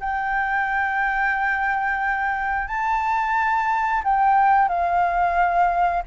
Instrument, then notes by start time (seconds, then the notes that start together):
flute
0.00 G5
2.68 A5
4.04 G5
4.69 F5